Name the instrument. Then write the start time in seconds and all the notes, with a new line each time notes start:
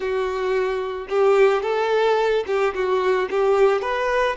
violin
0.00 F#4
1.09 G4
1.62 A4
2.46 G4
2.74 F#4
3.30 G4
3.81 B4